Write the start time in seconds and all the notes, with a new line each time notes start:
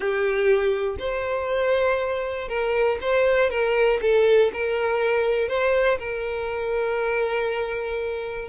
0.00 G4
0.98 C5
2.48 A#4
3.01 C5
3.50 A#4
4.01 A4
4.53 A#4
5.48 C5
5.98 A#4